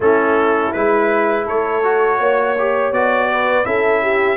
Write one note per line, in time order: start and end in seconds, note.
0.00 0.71 A3
0.00 0.74 C#4
0.00 1.45 E4
0.00 0.73 A4
0.73 1.47 G#3
0.73 1.83 E4
0.73 1.46 B4
1.45 2.19 A3
1.45 2.18 A4
1.45 2.93 C#5
1.83 2.56 F#4
2.19 2.91 A#3
2.19 3.30 C#5
2.58 2.93 G4
2.91 3.65 B3
2.91 3.64 F#4
2.91 3.65 D5
3.31 3.66 B4
3.64 4.37 C#4
3.64 4.37 E4
3.64 4.02 A4
3.64 4.37 E5
4.02 4.37 G4